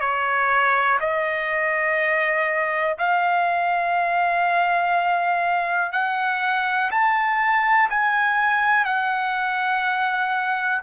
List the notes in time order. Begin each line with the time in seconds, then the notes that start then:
0.00 C#5
1.00 D#5
2.98 F5
5.92 F#5
6.91 A5
7.90 G#5
8.85 F#5